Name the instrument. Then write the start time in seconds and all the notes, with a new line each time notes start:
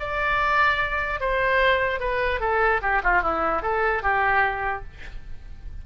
oboe
0.00 D5
1.21 C5
2.00 B4
2.40 A4
2.82 G4
3.04 F4
3.22 E4
3.62 A4
4.03 G4